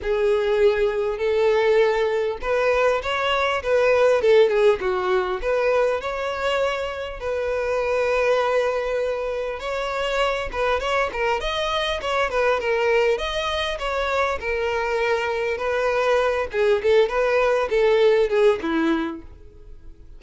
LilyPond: \new Staff \with { instrumentName = "violin" } { \time 4/4 \tempo 4 = 100 gis'2 a'2 | b'4 cis''4 b'4 a'8 gis'8 | fis'4 b'4 cis''2 | b'1 |
cis''4. b'8 cis''8 ais'8 dis''4 | cis''8 b'8 ais'4 dis''4 cis''4 | ais'2 b'4. gis'8 | a'8 b'4 a'4 gis'8 e'4 | }